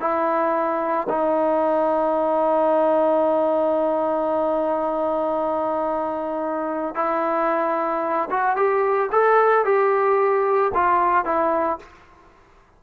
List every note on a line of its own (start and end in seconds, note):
0.00 1.07 E4
1.09 6.95 D#4
6.95 8.29 E4
8.30 8.56 F#4
8.56 9.10 G4
9.12 9.65 A4
9.65 10.72 G4
10.74 11.25 F4
11.25 11.78 E4